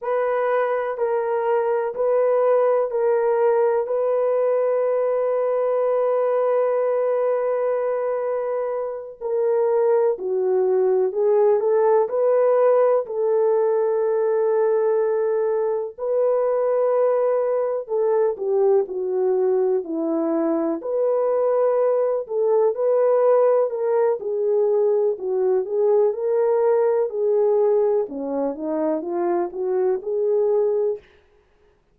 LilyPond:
\new Staff \with { instrumentName = "horn" } { \time 4/4 \tempo 4 = 62 b'4 ais'4 b'4 ais'4 | b'1~ | b'4. ais'4 fis'4 gis'8 | a'8 b'4 a'2~ a'8~ |
a'8 b'2 a'8 g'8 fis'8~ | fis'8 e'4 b'4. a'8 b'8~ | b'8 ais'8 gis'4 fis'8 gis'8 ais'4 | gis'4 cis'8 dis'8 f'8 fis'8 gis'4 | }